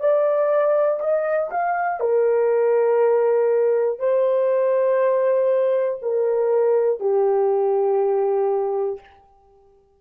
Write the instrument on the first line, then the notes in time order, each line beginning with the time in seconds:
horn
0.00 D5
1.00 D#5
1.51 F5
2.00 A#4
4.00 C5
6.02 A#4
7.00 G4